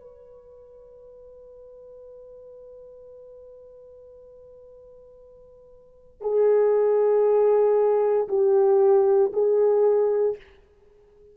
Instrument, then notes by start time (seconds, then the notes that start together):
horn
0.00 B4
6.21 G#4
8.28 G4
9.33 G#4